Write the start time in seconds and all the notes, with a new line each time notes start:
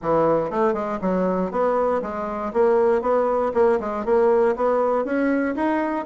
0.02 E3
0.50 A3
0.73 G#3
1.01 F#3
1.51 B3
2.02 G#3
2.53 A#3
3.01 B3
3.54 A#3
3.80 G#3
4.05 A#3
4.56 B3
5.04 C#4
5.55 D#4